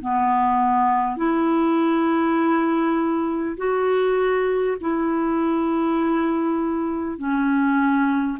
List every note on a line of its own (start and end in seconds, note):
0.00 1.17 B3
1.17 3.57 E4
3.57 4.77 F#4
4.81 7.18 E4
7.18 8.38 C#4